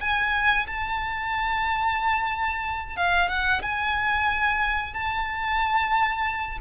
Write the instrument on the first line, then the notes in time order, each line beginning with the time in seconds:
violin
0.00 G#5
0.67 A5
2.96 F5
3.28 F#5
3.62 G#5
4.93 A5